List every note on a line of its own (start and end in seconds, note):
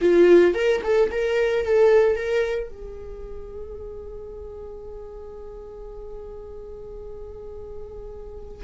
0.01 0.54 F4
0.54 0.81 A#4
0.83 1.10 A4
1.11 1.65 A#4
1.65 2.16 A4
2.16 2.69 A#4
2.69 8.63 G#4